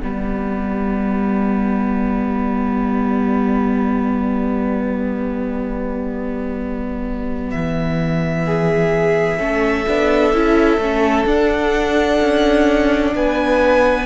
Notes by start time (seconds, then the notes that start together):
0.00 G3 B3 G4 D5
7.50 E3 E5
8.46 G#4
9.38 A3 C#4 A4
9.87 B3 D4
10.32 C#4 E4
10.77 A3 C#4
11.26 D4 F#5
12.20 C#4
13.15 B3 B4 G#5